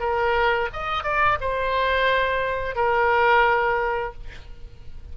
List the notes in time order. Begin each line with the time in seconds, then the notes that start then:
0.00 A#4
0.73 D#5
1.04 D5
1.41 C5
2.76 A#4